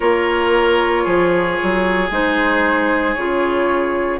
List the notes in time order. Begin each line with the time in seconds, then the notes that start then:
0.00 A#3 F4 A#4 C#5
1.03 F3 G#4
1.62 F#3
2.10 G#3 D#4 C5
3.14 C#3 F4 C#5